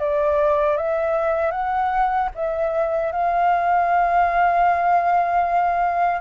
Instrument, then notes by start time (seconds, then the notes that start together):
flute
0.00 D5
0.78 E5
1.52 F#5
2.35 E5
3.12 F5